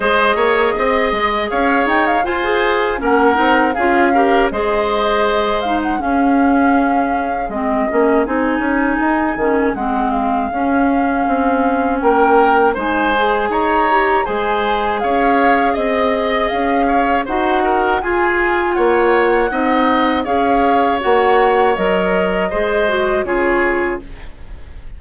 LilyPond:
<<
  \new Staff \with { instrumentName = "flute" } { \time 4/4 \tempo 4 = 80 dis''2 f''8 g''16 f''16 gis''4 | fis''4 f''4 dis''4. f''16 fis''16 | f''2 dis''4 gis''4~ | gis''4 fis''8 f''2~ f''8 |
g''4 gis''4 ais''4 gis''4 | f''4 dis''4 f''4 fis''4 | gis''4 fis''2 f''4 | fis''4 dis''2 cis''4 | }
  \new Staff \with { instrumentName = "oboe" } { \time 4/4 c''8 cis''8 dis''4 cis''4 c''4 | ais'4 gis'8 ais'8 c''2 | gis'1~ | gis'1 |
ais'4 c''4 cis''4 c''4 | cis''4 dis''4. cis''8 c''8 ais'8 | gis'4 cis''4 dis''4 cis''4~ | cis''2 c''4 gis'4 | }
  \new Staff \with { instrumentName = "clarinet" } { \time 4/4 gis'2. f'16 gis'8. | cis'8 dis'8 f'8 g'8 gis'4. dis'8 | cis'2 c'8 cis'8 dis'4~ | dis'8 cis'8 c'4 cis'2~ |
cis'4 dis'8 gis'4 g'8 gis'4~ | gis'2. fis'4 | f'2 dis'4 gis'4 | fis'4 ais'4 gis'8 fis'8 f'4 | }
  \new Staff \with { instrumentName = "bassoon" } { \time 4/4 gis8 ais8 c'8 gis8 cis'8 dis'8 f'4 | ais8 c'8 cis'4 gis2 | cis'2 gis8 ais8 c'8 cis'8 | dis'8 dis8 gis4 cis'4 c'4 |
ais4 gis4 dis'4 gis4 | cis'4 c'4 cis'4 dis'4 | f'4 ais4 c'4 cis'4 | ais4 fis4 gis4 cis4 | }
>>